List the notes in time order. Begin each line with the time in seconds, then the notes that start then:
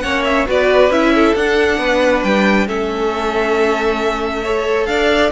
0.00 A#3 C#4 C#5 F#5
0.24 E5
0.46 B3 F#4 B4 D5
0.89 C#4 E4 E5
1.14 A4
1.35 D4 F#5
1.77 B3 B4
2.23 G3 G5
2.67 A3 C#4 A4 E5
4.42 A4 C#5
4.86 D4 D5 F5